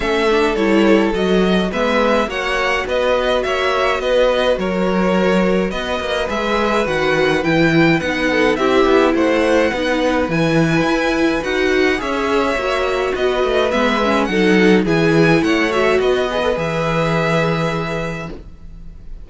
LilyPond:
<<
  \new Staff \with { instrumentName = "violin" } { \time 4/4 \tempo 4 = 105 e''4 cis''4 dis''4 e''4 | fis''4 dis''4 e''4 dis''4 | cis''2 dis''4 e''4 | fis''4 g''4 fis''4 e''4 |
fis''2 gis''2 | fis''4 e''2 dis''4 | e''4 fis''4 gis''4 fis''8 e''8 | dis''4 e''2. | }
  \new Staff \with { instrumentName = "violin" } { \time 4/4 a'2. b'4 | cis''4 b'4 cis''4 b'4 | ais'2 b'2~ | b'2~ b'8 a'8 g'4 |
c''4 b'2.~ | b'4 cis''2 b'4~ | b'4 a'4 gis'4 cis''4 | b'1 | }
  \new Staff \with { instrumentName = "viola" } { \time 4/4 cis'8 d'8 e'4 fis'4 b4 | fis'1~ | fis'2. gis'4 | fis'4 e'4 dis'4 e'4~ |
e'4 dis'4 e'2 | fis'4 gis'4 fis'2 | b8 cis'8 dis'4 e'4. fis'8~ | fis'8 gis'16 a'16 gis'2. | }
  \new Staff \with { instrumentName = "cello" } { \time 4/4 a4 g4 fis4 gis4 | ais4 b4 ais4 b4 | fis2 b8 ais8 gis4 | dis4 e4 b4 c'8 b8 |
a4 b4 e4 e'4 | dis'4 cis'4 ais4 b8 a8 | gis4 fis4 e4 a4 | b4 e2. | }
>>